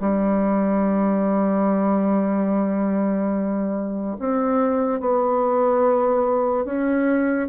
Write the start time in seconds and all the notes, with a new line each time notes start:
0.00 G3
4.19 C4
5.00 B3
6.65 C#4